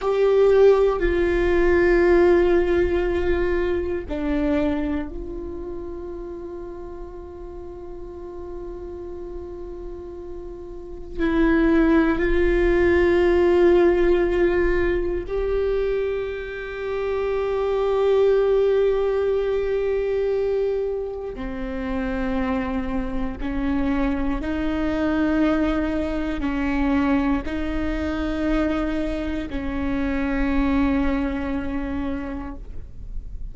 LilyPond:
\new Staff \with { instrumentName = "viola" } { \time 4/4 \tempo 4 = 59 g'4 f'2. | d'4 f'2.~ | f'2. e'4 | f'2. g'4~ |
g'1~ | g'4 c'2 cis'4 | dis'2 cis'4 dis'4~ | dis'4 cis'2. | }